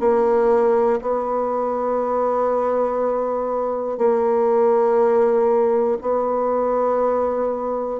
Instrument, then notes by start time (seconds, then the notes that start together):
bassoon
0.00 A#3
1.02 B3
3.98 A#3
6.01 B3